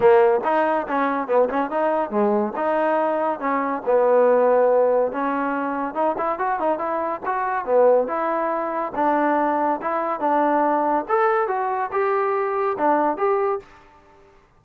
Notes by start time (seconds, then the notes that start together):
0.00 A#3
0.44 D#4
0.87 C#4
1.27 B3
1.49 C#4
1.70 D#4
2.10 G#3
2.55 D#4
3.39 C#4
3.85 B3
5.12 C#4
5.94 D#4
6.17 E4
6.38 F#4
6.59 D#4
6.78 E4
7.25 F#4
7.65 B3
8.07 E4
8.95 D4
9.81 E4
10.20 D4
11.08 A4
11.47 F#4
11.91 G4
12.78 D4
13.17 G4